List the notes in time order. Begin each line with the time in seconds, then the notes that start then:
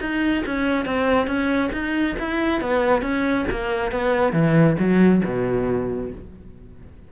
0.00 D#4
0.45 C#4
0.85 C4
1.26 C#4
1.72 D#4
2.18 E4
2.60 B3
3.01 C#4
3.50 A#3
3.91 B3
4.32 E3
4.78 F#3
5.24 B2